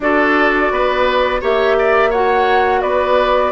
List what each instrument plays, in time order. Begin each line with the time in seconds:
0.00 bassoon D4, clarinet F#4, oboe A4, flute D5
0.71 bassoon B3, oboe B4
1.40 bassoon A#3, clarinet G4, oboe C#5, flute E5
1.78 oboe D5
2.09 clarinet F#4, oboe C#5, flute F#5
2.81 bassoon B3, oboe B4, flute D5